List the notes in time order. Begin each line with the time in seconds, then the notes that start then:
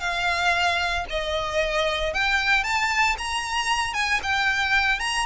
0.00 F5
1.10 D#5
2.13 G5
2.64 A5
3.18 A#5
3.94 G#5
4.23 G5
5.00 A#5